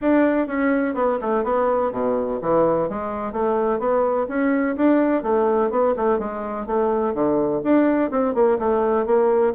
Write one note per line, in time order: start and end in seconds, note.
0.01 0.47 D4
0.47 0.94 C#4
0.94 1.18 B3
1.21 1.44 A3
1.44 1.91 B3
1.91 2.39 B2
2.41 2.89 E3
2.89 3.32 G#3
3.32 3.79 A3
3.79 4.27 B3
4.28 4.76 C#4
4.76 5.23 D4
5.23 5.70 A3
5.70 5.94 B3
5.96 6.18 A3
6.18 6.66 G#3
6.66 7.14 A3
7.14 7.61 D3
7.63 8.10 D4
8.10 8.34 C4
8.34 8.58 A#3
8.58 9.05 A3
9.05 9.53 A#3